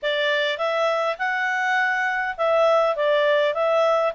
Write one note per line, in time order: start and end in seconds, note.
0.02 0.58 D5
0.58 1.17 E5
1.18 2.36 F#5
2.37 2.96 E5
2.96 3.54 D5
3.54 4.13 E5